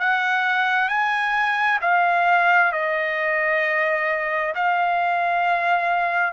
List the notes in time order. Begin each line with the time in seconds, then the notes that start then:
0.00 F#5
0.88 G#5
1.81 F5
2.72 D#5
4.55 F5